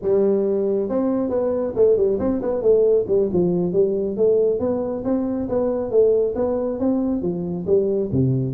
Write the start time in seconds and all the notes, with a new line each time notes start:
0.01 G3
0.89 C4
1.29 B3
1.75 A3
1.96 G3
2.19 C4
2.41 B3
2.61 A3
3.07 G3
3.33 F3
3.72 G3
4.16 A3
4.59 B3
5.04 C4
5.48 B3
5.90 A3
6.35 B3
6.79 C4
7.21 F3
7.66 G3
8.12 C3